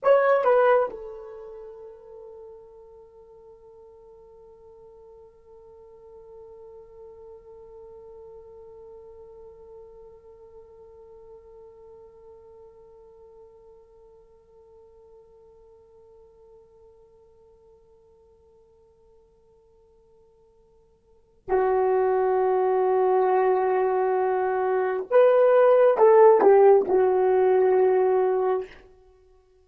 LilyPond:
\new Staff \with { instrumentName = "horn" } { \time 4/4 \tempo 4 = 67 cis''8 b'8 a'2.~ | a'1~ | a'1~ | a'1~ |
a'1~ | a'1 | fis'1 | b'4 a'8 g'8 fis'2 | }